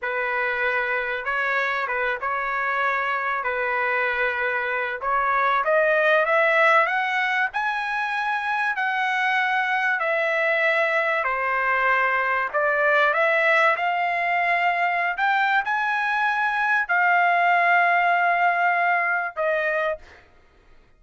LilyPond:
\new Staff \with { instrumentName = "trumpet" } { \time 4/4 \tempo 4 = 96 b'2 cis''4 b'8 cis''8~ | cis''4. b'2~ b'8 | cis''4 dis''4 e''4 fis''4 | gis''2 fis''2 |
e''2 c''2 | d''4 e''4 f''2~ | f''16 g''8. gis''2 f''4~ | f''2. dis''4 | }